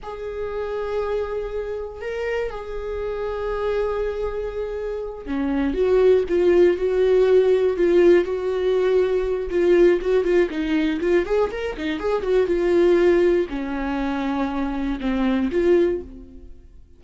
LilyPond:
\new Staff \with { instrumentName = "viola" } { \time 4/4 \tempo 4 = 120 gis'1 | ais'4 gis'2.~ | gis'2~ gis'8 cis'4 fis'8~ | fis'8 f'4 fis'2 f'8~ |
f'8 fis'2~ fis'8 f'4 | fis'8 f'8 dis'4 f'8 gis'8 ais'8 dis'8 | gis'8 fis'8 f'2 cis'4~ | cis'2 c'4 f'4 | }